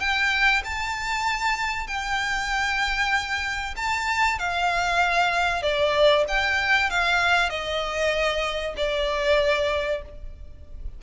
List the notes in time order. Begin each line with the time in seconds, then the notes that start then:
0.00 G5
0.65 A5
1.88 G5
3.77 A5
4.39 F5
5.62 D5
6.28 G5
6.90 F5
7.50 D#5
8.77 D5